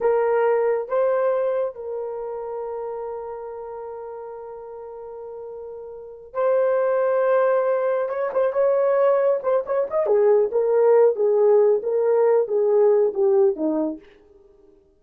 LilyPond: \new Staff \with { instrumentName = "horn" } { \time 4/4 \tempo 4 = 137 ais'2 c''2 | ais'1~ | ais'1~ | ais'2~ ais'8 c''4.~ |
c''2~ c''8 cis''8 c''8 cis''8~ | cis''4. c''8 cis''8 dis''8 gis'4 | ais'4. gis'4. ais'4~ | ais'8 gis'4. g'4 dis'4 | }